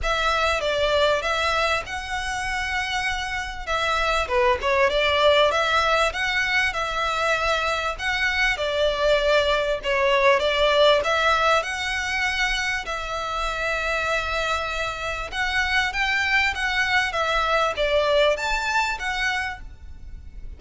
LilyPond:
\new Staff \with { instrumentName = "violin" } { \time 4/4 \tempo 4 = 98 e''4 d''4 e''4 fis''4~ | fis''2 e''4 b'8 cis''8 | d''4 e''4 fis''4 e''4~ | e''4 fis''4 d''2 |
cis''4 d''4 e''4 fis''4~ | fis''4 e''2.~ | e''4 fis''4 g''4 fis''4 | e''4 d''4 a''4 fis''4 | }